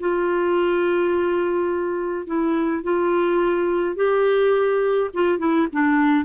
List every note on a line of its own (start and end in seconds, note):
0.00 2.27 F4
2.27 2.84 E4
2.84 3.96 F4
3.96 5.10 G4
5.14 5.39 F4
5.39 5.68 E4
5.73 6.25 D4